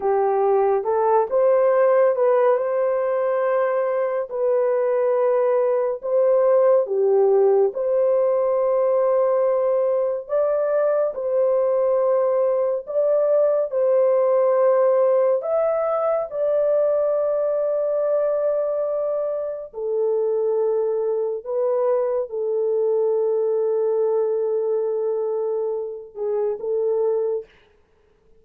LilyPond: \new Staff \with { instrumentName = "horn" } { \time 4/4 \tempo 4 = 70 g'4 a'8 c''4 b'8 c''4~ | c''4 b'2 c''4 | g'4 c''2. | d''4 c''2 d''4 |
c''2 e''4 d''4~ | d''2. a'4~ | a'4 b'4 a'2~ | a'2~ a'8 gis'8 a'4 | }